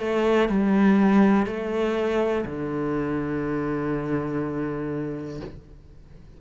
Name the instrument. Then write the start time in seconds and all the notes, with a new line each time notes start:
cello
0.00 A3
0.49 G3
1.47 A3
2.45 D3